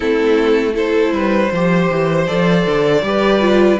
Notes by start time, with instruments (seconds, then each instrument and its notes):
0.00 cello A3, viola C4, violin E4 A4
0.74 viola E4, violin A4 C5
1.11 cello G3, violin B4
1.51 cello F3, viola G4, violin C5
1.91 cello E3
2.27 cello F3, viola A4, violin D5
2.66 cello D3
3.02 cello G3, viola G4, violin B4
3.41 viola F4